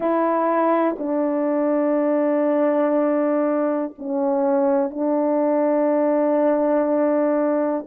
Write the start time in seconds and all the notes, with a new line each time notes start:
0.00 E4
0.98 D4
3.98 C#4
4.90 D4